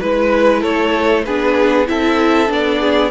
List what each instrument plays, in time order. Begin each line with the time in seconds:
0.00 cello G#3, viola E4, violin B4
0.61 cello A3, violin A4 C#5
1.24 cello B3, viola D4, violin G#4 B4
1.87 cello C4, viola E4, violin A4 E5
2.47 cello B3, viola D4, violin D5
2.80 violin G#4